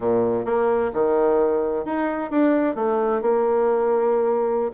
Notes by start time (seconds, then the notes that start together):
0.00 A#2
0.45 A#3
0.93 D#3
1.85 D#4
2.31 D4
2.75 A3
3.21 A#3